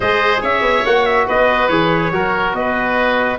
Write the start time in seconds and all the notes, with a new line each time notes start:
0.00 G#3 G#4 C5 D#5
0.41 C#4 C#5 E5
0.61 B3
0.85 A#3 F#4 F#5
1.05 E5
1.27 B3 B4 D#5
1.68 E3 G#4 C#5
2.11 F#3 F#4 A#4
2.53 B3 B4 D#5